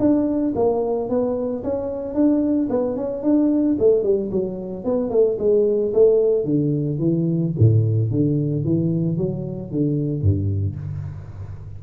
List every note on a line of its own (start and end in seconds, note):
0.00 0.54 D4
0.56 1.10 A#3
1.10 1.64 B3
1.64 2.15 C#4
2.15 2.69 D4
2.70 2.97 B3
2.97 3.23 C#4
3.23 3.77 D4
3.80 4.04 A3
4.04 4.31 G3
4.32 4.85 F#3
4.85 5.11 B3
5.11 5.38 A3
5.39 5.93 G#3
5.94 6.45 A3
6.45 6.99 D3
6.99 7.53 E3
7.59 8.11 A2
8.11 8.65 D3
8.65 9.17 E3
9.17 9.71 F#3
9.72 10.22 D3
10.22 10.76 G2